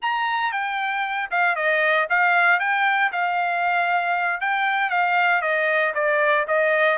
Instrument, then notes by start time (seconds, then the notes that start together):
trumpet
0.02 A#5
0.51 G5
1.30 F5
1.55 D#5
2.09 F5
2.59 G5
3.12 F5
4.40 G5
4.90 F5
5.41 D#5
5.94 D5
6.47 D#5